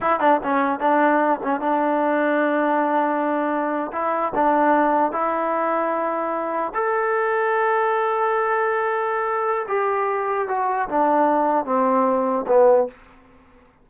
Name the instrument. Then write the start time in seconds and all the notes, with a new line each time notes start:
trombone
0.00 E4
0.20 D4
0.43 C#4
0.79 D4
1.43 C#4
1.60 D4
3.92 E4
4.34 D4
5.11 E4
6.74 A4
9.68 G4
10.48 F#4
10.88 D4
11.65 C4
12.47 B3